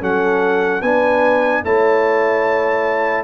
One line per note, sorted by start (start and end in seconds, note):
0.00 0.82 F#3
0.00 0.81 C#4
0.00 0.81 A4
0.00 0.81 F#5
0.81 1.63 B3
0.81 1.64 D4
0.81 1.62 B4
0.81 1.62 G#5
1.64 3.24 A3
1.64 3.24 E4
1.64 3.24 C#5
1.64 3.24 A5